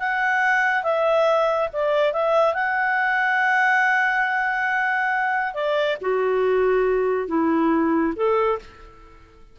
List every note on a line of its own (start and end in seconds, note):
0.00 0.84 F#5
0.84 1.69 E5
1.73 2.13 D5
2.13 2.54 E5
2.54 5.54 F#5
5.55 5.97 D5
6.02 7.29 F#4
7.29 8.14 E4
8.17 8.59 A4